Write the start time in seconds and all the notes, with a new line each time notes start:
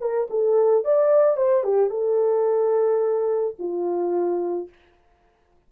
0.00 A#4
0.30 A4
0.84 D5
1.36 C5
1.63 G4
1.90 A4
3.59 F4